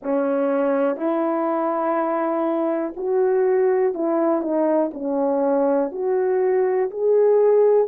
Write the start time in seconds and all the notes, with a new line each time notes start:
0.02 C#4
0.96 E4
2.96 F#4
3.93 E4
4.41 D#4
4.93 C#4
5.92 F#4
6.90 G#4